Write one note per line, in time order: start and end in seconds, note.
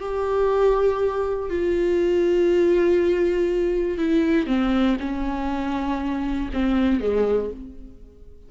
0.00 1.50 G4
1.50 3.98 F4
3.98 4.47 E4
4.47 4.97 C4
5.00 6.50 C#4
6.53 7.01 C4
7.01 7.51 G#3